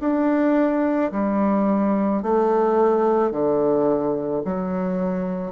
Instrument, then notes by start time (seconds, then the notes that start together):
bassoon
0.00 D4
1.12 G3
2.23 A3
3.31 D3
4.45 F#3